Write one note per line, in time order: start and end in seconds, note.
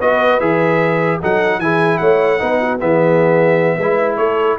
0.00 0.40 B3
0.00 0.40 F#4
0.00 1.20 B4
0.00 0.40 D#5
0.40 1.20 E3
0.40 1.20 G#4
0.40 1.20 E5
1.20 1.59 F#3
1.20 1.62 D#4
1.20 1.60 A4
1.20 1.60 F#5
1.59 1.99 E3
1.59 2.39 E4
1.59 2.00 G#4
1.59 1.98 G#5
1.98 2.41 A3
1.98 2.40 C#5
1.98 2.78 F#5
2.39 2.82 B3
2.39 2.79 D#4
2.39 2.60 B4
2.60 2.81 F#4
2.80 3.78 E3
2.80 3.80 B3
2.80 3.77 G#4
2.80 4.17 E5
3.77 4.18 G#3
3.77 4.59 E4
3.77 4.17 B4
4.17 4.58 A3
4.17 4.59 A4
4.17 4.57 C#5